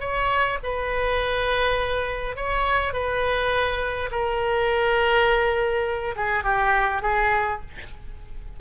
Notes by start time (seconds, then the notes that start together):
0.00 C#5
0.63 B4
2.36 C#5
2.93 B4
4.11 A#4
6.16 G#4
6.44 G4
7.02 G#4